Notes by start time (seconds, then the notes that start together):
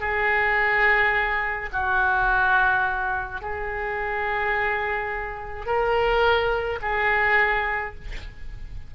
0.00 G#4
1.72 F#4
3.41 G#4
5.66 A#4
6.82 G#4